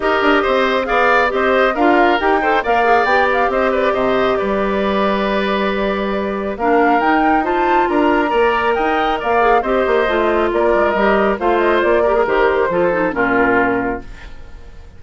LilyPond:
<<
  \new Staff \with { instrumentName = "flute" } { \time 4/4 \tempo 4 = 137 dis''2 f''4 dis''4 | f''4 g''4 f''4 g''8 f''8 | dis''8 d''8 dis''4 d''2~ | d''2. f''4 |
g''4 a''4 ais''2 | g''4 f''4 dis''2 | d''4 dis''4 f''8 dis''8 d''4 | c''2 ais'2 | }
  \new Staff \with { instrumentName = "oboe" } { \time 4/4 ais'4 c''4 d''4 c''4 | ais'4. c''8 d''2 | c''8 b'8 c''4 b'2~ | b'2. ais'4~ |
ais'4 c''4 ais'4 d''4 | dis''4 d''4 c''2 | ais'2 c''4. ais'8~ | ais'4 a'4 f'2 | }
  \new Staff \with { instrumentName = "clarinet" } { \time 4/4 g'2 gis'4 g'4 | f'4 g'8 a'8 ais'8 gis'8 g'4~ | g'1~ | g'2. d'4 |
dis'4 f'2 ais'4~ | ais'4. gis'8 g'4 f'4~ | f'4 g'4 f'4. g'16 gis'16 | g'4 f'8 dis'8 cis'2 | }
  \new Staff \with { instrumentName = "bassoon" } { \time 4/4 dis'8 d'8 c'4 b4 c'4 | d'4 dis'4 ais4 b4 | c'4 c4 g2~ | g2. ais4 |
dis'2 d'4 ais4 | dis'4 ais4 c'8 ais8 a4 | ais8 gis8 g4 a4 ais4 | dis4 f4 ais,2 | }
>>